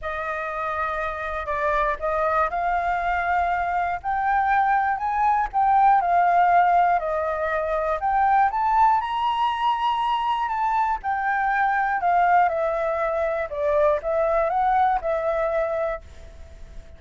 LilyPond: \new Staff \with { instrumentName = "flute" } { \time 4/4 \tempo 4 = 120 dis''2. d''4 | dis''4 f''2. | g''2 gis''4 g''4 | f''2 dis''2 |
g''4 a''4 ais''2~ | ais''4 a''4 g''2 | f''4 e''2 d''4 | e''4 fis''4 e''2 | }